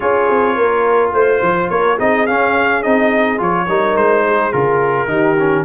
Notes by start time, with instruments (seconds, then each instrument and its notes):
0.00 tuba C#4, trombone F4, horn G#4, trumpet C#5
0.29 tuba C4
0.55 tuba A#3, horn A#4
1.12 tuba A3, trumpet C5, horn C5
1.41 tuba F3
1.69 tuba A#3, horn A#4, trumpet C#5
1.95 tuba C4, trombone D#4, horn G#4, trumpet D#5
2.26 tuba C#4, trombone C#4, trumpet F5
2.82 tuba C4, trombone D#4, trumpet D#5
3.37 tuba F3, trombone F4, trumpet C#5
3.68 tuba G3, trombone D#4, horn A#4
3.95 tuba G#3, trumpet C5
4.27 horn G#4
4.52 tuba C#3, trombone F4, trumpet A#4
5.07 tuba D#3, trombone D#4, horn G4
5.39 trombone C#4